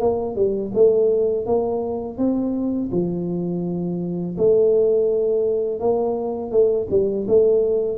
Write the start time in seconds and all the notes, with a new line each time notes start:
0.00 A#3
0.35 G3
0.75 A3
1.46 A#3
2.18 C4
2.92 F3
4.37 A3
5.80 A#3
6.51 A3
6.90 G3
7.27 A3